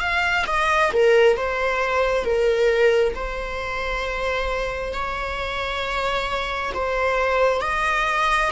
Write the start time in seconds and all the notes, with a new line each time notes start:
0.00 F5
0.47 D#5
0.93 A#4
1.37 C5
2.25 A#4
3.15 C5
4.93 C#5
6.74 C5
7.62 D#5